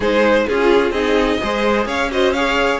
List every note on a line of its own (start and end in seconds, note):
0.00 0.46 G#3
0.00 0.48 D#4
0.00 0.46 G#4
0.00 0.47 C5
0.47 0.90 C#4
0.47 0.93 F4
0.47 0.92 F4
0.47 0.91 G#4
0.90 1.37 C4
0.90 1.40 D#4
0.90 1.38 G#4
0.90 1.85 D#5
1.40 1.85 G#3
1.40 2.10 G#4
1.40 1.86 C5
1.85 2.79 C#4
1.85 2.10 C#5
1.85 2.11 F5
2.11 2.34 F#4
2.11 2.34 C5
2.11 2.33 D#5
2.33 2.79 G#4
2.33 2.79 C#5
2.33 2.79 F5